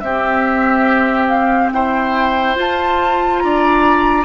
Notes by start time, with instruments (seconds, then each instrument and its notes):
0.00 bassoon C4, clarinet C4, oboe G4, flute E5
1.28 flute F5
1.72 bassoon E4, oboe C5, flute G5
2.55 clarinet F4, bassoon F4, flute A5
3.39 bassoon D4, oboe D5, flute A#5